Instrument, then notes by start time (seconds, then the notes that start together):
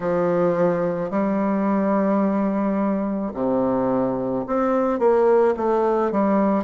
bassoon
0.00 F3
1.10 G3
3.34 C3
4.46 C4
4.98 A#3
5.56 A3
6.11 G3